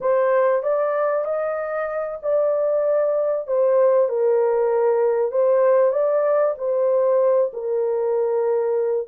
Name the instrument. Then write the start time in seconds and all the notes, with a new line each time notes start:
horn
0.01 C5
0.62 D5
1.24 D#5
2.22 D5
3.47 C5
4.08 A#4
5.31 C5
5.92 D5
6.57 C5
7.53 A#4